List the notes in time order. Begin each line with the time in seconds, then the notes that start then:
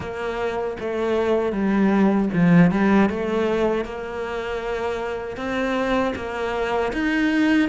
0.00 A#3
0.80 A3
1.52 G3
2.33 F3
2.71 G3
3.09 A3
3.84 A#3
5.36 C4
6.15 A#3
6.92 D#4